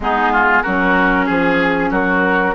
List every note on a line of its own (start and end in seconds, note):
0.00 0.60 G#3
0.00 0.65 B3
0.00 0.32 D#4
0.00 0.62 G#4
0.32 0.62 F4
0.62 1.29 F#3
0.62 2.55 C#4
0.62 1.25 F#4
0.62 1.26 A#4
1.25 1.90 F3
1.25 1.89 G#4
1.25 1.91 G#4
1.90 2.54 F#3
1.90 2.54 F#4
1.90 2.55 A#4